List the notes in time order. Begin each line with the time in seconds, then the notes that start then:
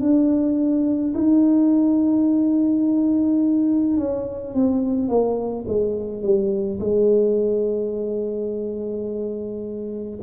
0.00 D4
1.14 D#4
3.97 C#4
4.53 C4
5.08 A#3
5.67 G#3
6.22 G3
6.80 G#3